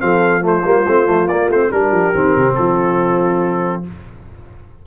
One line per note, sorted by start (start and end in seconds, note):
0.00 0.64 F3
0.00 0.42 C4
0.00 0.43 A4
0.00 0.43 F5
0.42 0.63 A3
0.42 1.70 F4
0.42 1.28 C5
0.64 0.86 G3
0.64 0.86 A#3
0.88 1.09 A3
0.88 1.06 C4
1.06 1.27 F3
1.06 1.28 A3
1.27 1.48 A#3
1.27 1.52 A#3
1.27 1.49 D5
1.49 1.70 A3
1.49 1.73 C4
1.49 1.72 C5
1.72 1.92 G3
1.72 2.14 D4
1.72 2.58 G4
1.72 2.55 A#4
1.92 2.13 F3
2.14 2.36 D#3
2.14 3.84 C4
2.37 2.58 C3
2.55 3.86 F3
2.55 3.87 F4
2.55 3.83 A4